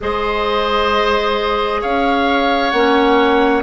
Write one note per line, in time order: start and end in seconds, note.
0.01 1.83 G#3
0.01 2.73 G#4
0.01 1.81 C5
0.01 1.82 D#5
1.81 2.72 C#4
1.81 3.63 C#5
1.81 2.70 F5
2.70 3.63 A#3
2.70 3.63 C#4
2.70 3.61 F#5